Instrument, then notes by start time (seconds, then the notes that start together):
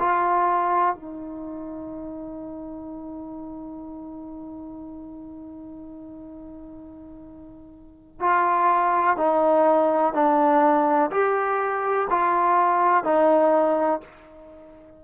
trombone
0.00 F4
0.95 D#4
8.20 F4
9.17 D#4
10.14 D4
11.11 G4
12.11 F4
13.04 D#4